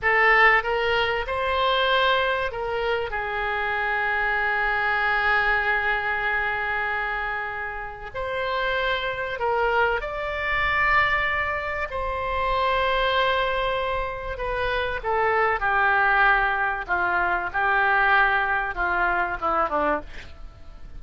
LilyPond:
\new Staff \with { instrumentName = "oboe" } { \time 4/4 \tempo 4 = 96 a'4 ais'4 c''2 | ais'4 gis'2.~ | gis'1~ | gis'4 c''2 ais'4 |
d''2. c''4~ | c''2. b'4 | a'4 g'2 f'4 | g'2 f'4 e'8 d'8 | }